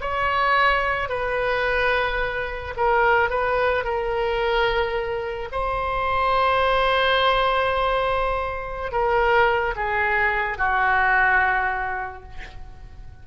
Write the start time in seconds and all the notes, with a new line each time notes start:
0.00 C#5
1.09 B4
2.76 A#4
3.29 B4
3.84 A#4
5.51 C5
8.91 A#4
9.76 G#4
10.58 F#4